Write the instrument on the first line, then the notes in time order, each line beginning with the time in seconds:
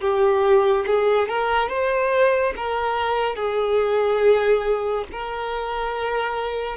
violin
0.00 G4
0.86 G#4
1.28 A#4
1.69 C5
2.56 A#4
3.35 G#4
5.12 A#4